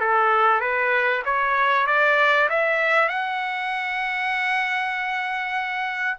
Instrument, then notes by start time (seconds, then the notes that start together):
trumpet
0.00 A4
0.60 B4
1.25 C#5
1.87 D5
2.49 E5
3.08 F#5